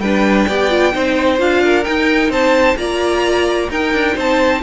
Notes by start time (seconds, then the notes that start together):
0.00 G3 D4 B4 G5
0.47 B3 G4 D5
0.70 F4
0.92 C4 D#4 C5
1.38 D4 F4 F5
1.64 A#4
1.85 D#4 G5
2.30 C4 C5 A5
2.77 A#3 F4 D5 A#5
3.70 D#4 A#4 G5
3.93 D4
4.15 C4 C5 A5